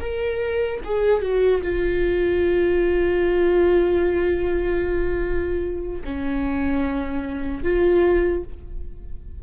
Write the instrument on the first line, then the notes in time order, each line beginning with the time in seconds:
viola
0.00 A#4
0.84 G#4
1.21 F#4
1.62 F4
6.04 C#4
7.63 F4